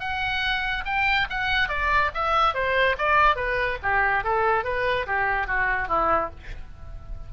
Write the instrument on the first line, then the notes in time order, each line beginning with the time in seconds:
oboe
0.00 F#5
0.86 G5
1.30 F#5
1.69 D5
2.15 E5
2.55 C5
2.98 D5
3.36 B4
3.83 G4
4.24 A4
4.65 B4
5.07 G4
5.48 F#4
5.88 E4